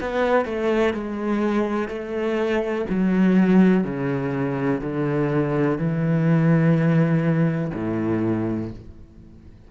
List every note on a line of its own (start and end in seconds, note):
0.00 0.45 B3
0.45 0.93 A3
0.93 1.88 G#3
1.88 2.85 A3
2.89 3.84 F#3
3.84 4.80 C#3
4.81 5.78 D3
5.78 7.71 E3
7.74 8.71 A2